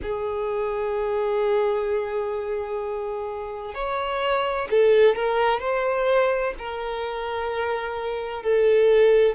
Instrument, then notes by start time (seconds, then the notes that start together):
violin
0.02 G#4
3.74 C#5
4.70 A4
5.15 A#4
5.60 C5
6.58 A#4
8.42 A4